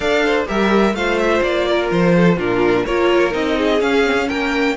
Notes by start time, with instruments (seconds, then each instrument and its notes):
0.00 cello D4, viola A4, violin D5 F5
0.25 violin C5
0.45 cello G3, viola G4, violin A#4 E5
0.93 cello A3, viola F4, violin C5 F5
1.18 violin E5
1.42 cello A#3, violin D5
1.68 violin A#4
1.91 cello F3, violin C5
2.16 violin A4
2.36 cello A#2, viola D4, violin F4 A#4
2.85 cello A#3, viola F4, violin A#4 C#5
3.30 cello C4, viola D#4, violin D#5
3.57 violin G#4
3.79 viola C#4, cello C#4, violin F5
4.04 viola C4
4.16 viola C#4
4.27 cello A#3, violin A#4 G5